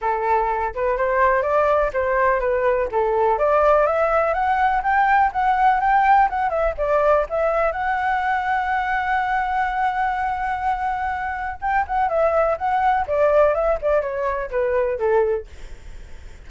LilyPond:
\new Staff \with { instrumentName = "flute" } { \time 4/4 \tempo 4 = 124 a'4. b'8 c''4 d''4 | c''4 b'4 a'4 d''4 | e''4 fis''4 g''4 fis''4 | g''4 fis''8 e''8 d''4 e''4 |
fis''1~ | fis''1 | g''8 fis''8 e''4 fis''4 d''4 | e''8 d''8 cis''4 b'4 a'4 | }